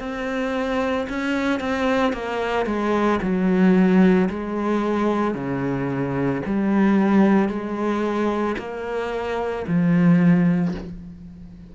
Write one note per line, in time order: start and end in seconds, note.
0.00 1.07 C4
1.10 1.60 C#4
1.60 2.13 C4
2.13 2.66 A#3
2.66 3.20 G#3
3.22 4.30 F#3
4.30 5.35 G#3
5.35 6.42 C#3
6.46 7.49 G3
7.49 8.56 G#3
8.59 9.66 A#3
9.68 10.75 F3